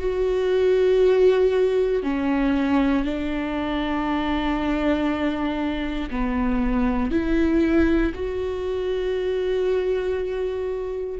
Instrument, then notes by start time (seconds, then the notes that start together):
viola
0.00 F#4
2.03 C#4
3.05 D4
6.11 B3
7.11 E4
8.15 F#4